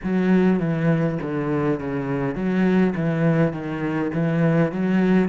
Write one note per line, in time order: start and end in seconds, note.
0.03 0.59 F#3
0.59 1.18 E3
1.21 1.79 D3
1.79 2.35 C#3
2.35 2.94 F#3
2.95 3.52 E3
3.52 4.11 D#3
4.13 4.72 E3
4.72 5.29 F#3